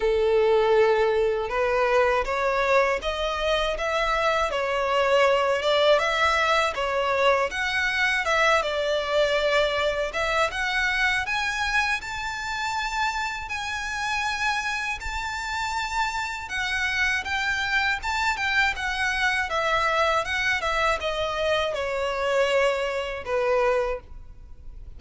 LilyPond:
\new Staff \with { instrumentName = "violin" } { \time 4/4 \tempo 4 = 80 a'2 b'4 cis''4 | dis''4 e''4 cis''4. d''8 | e''4 cis''4 fis''4 e''8 d''8~ | d''4. e''8 fis''4 gis''4 |
a''2 gis''2 | a''2 fis''4 g''4 | a''8 g''8 fis''4 e''4 fis''8 e''8 | dis''4 cis''2 b'4 | }